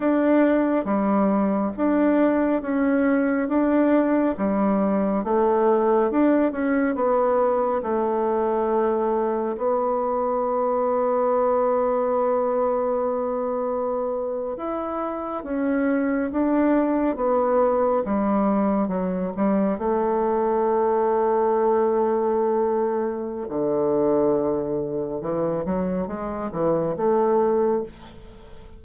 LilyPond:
\new Staff \with { instrumentName = "bassoon" } { \time 4/4 \tempo 4 = 69 d'4 g4 d'4 cis'4 | d'4 g4 a4 d'8 cis'8 | b4 a2 b4~ | b1~ |
b8. e'4 cis'4 d'4 b16~ | b8. g4 fis8 g8 a4~ a16~ | a2. d4~ | d4 e8 fis8 gis8 e8 a4 | }